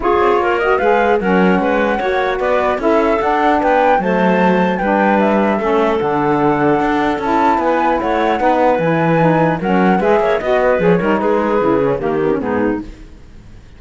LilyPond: <<
  \new Staff \with { instrumentName = "flute" } { \time 4/4 \tempo 4 = 150 cis''4. dis''8 f''4 fis''4~ | fis''2 d''4 e''4 | fis''4 g''4 a''2 | g''4 e''2 fis''4~ |
fis''2 a''4 gis''4 | fis''2 gis''2 | fis''4 e''4 dis''4 cis''4 | b'2 ais'4 gis'4 | }
  \new Staff \with { instrumentName = "clarinet" } { \time 4/4 gis'4 ais'4 b'4 ais'4 | b'4 cis''4 b'4 a'4~ | a'4 b'4 c''2 | b'2 a'2~ |
a'2. b'4 | cis''4 b'2. | ais'4 b'8 cis''8 dis''8 b'4 ais'8 | gis'2 g'4 dis'4 | }
  \new Staff \with { instrumentName = "saxophone" } { \time 4/4 f'4. fis'8 gis'4 cis'4~ | cis'4 fis'2 e'4 | d'2 a2 | d'2 cis'4 d'4~ |
d'2 e'2~ | e'4 dis'4 e'4 dis'4 | cis'4 gis'4 fis'4 gis'8 dis'8~ | dis'4 e'8 cis'8 ais8 b16 cis'16 b4 | }
  \new Staff \with { instrumentName = "cello" } { \time 4/4 cis'8 c'8 ais4 gis4 fis4 | gis4 ais4 b4 cis'4 | d'4 b4 fis2 | g2 a4 d4~ |
d4 d'4 cis'4 b4 | a4 b4 e2 | fis4 gis8 ais8 b4 f8 g8 | gis4 cis4 dis4 gis,4 | }
>>